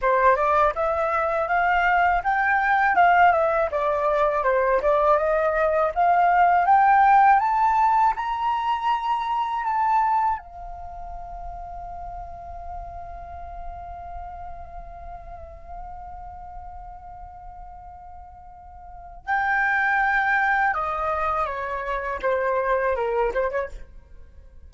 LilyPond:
\new Staff \with { instrumentName = "flute" } { \time 4/4 \tempo 4 = 81 c''8 d''8 e''4 f''4 g''4 | f''8 e''8 d''4 c''8 d''8 dis''4 | f''4 g''4 a''4 ais''4~ | ais''4 a''4 f''2~ |
f''1~ | f''1~ | f''2 g''2 | dis''4 cis''4 c''4 ais'8 c''16 cis''16 | }